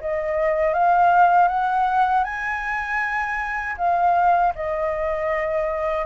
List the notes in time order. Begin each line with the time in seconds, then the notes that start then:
0.00 D#5
0.73 F5
1.48 F#5
2.24 G#5
3.77 F5
4.55 D#5